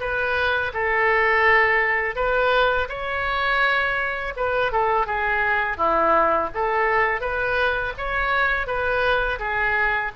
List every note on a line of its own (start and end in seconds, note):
0.00 0.72 B4
0.74 2.16 A4
2.16 2.88 B4
2.89 4.34 C#5
4.36 4.72 B4
4.72 5.07 A4
5.07 5.77 G#4
5.77 6.50 E4
6.55 7.21 A4
7.21 7.93 B4
7.98 8.67 C#5
8.67 9.39 B4
9.39 10.12 G#4